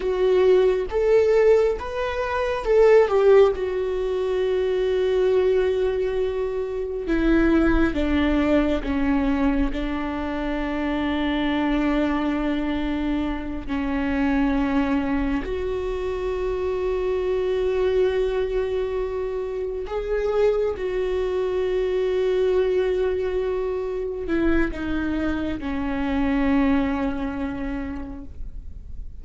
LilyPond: \new Staff \with { instrumentName = "viola" } { \time 4/4 \tempo 4 = 68 fis'4 a'4 b'4 a'8 g'8 | fis'1 | e'4 d'4 cis'4 d'4~ | d'2.~ d'8 cis'8~ |
cis'4. fis'2~ fis'8~ | fis'2~ fis'8 gis'4 fis'8~ | fis'2.~ fis'8 e'8 | dis'4 cis'2. | }